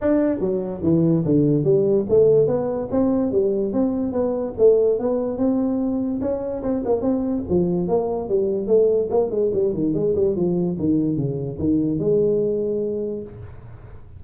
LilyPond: \new Staff \with { instrumentName = "tuba" } { \time 4/4 \tempo 4 = 145 d'4 fis4 e4 d4 | g4 a4 b4 c'4 | g4 c'4 b4 a4 | b4 c'2 cis'4 |
c'8 ais8 c'4 f4 ais4 | g4 a4 ais8 gis8 g8 dis8 | gis8 g8 f4 dis4 cis4 | dis4 gis2. | }